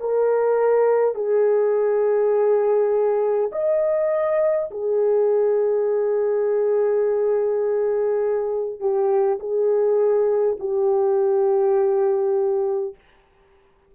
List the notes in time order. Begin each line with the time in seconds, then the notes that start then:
0.00 A#4
1.15 G#4
3.52 D#5
4.71 G#4
8.80 G4
9.40 G#4
10.59 G4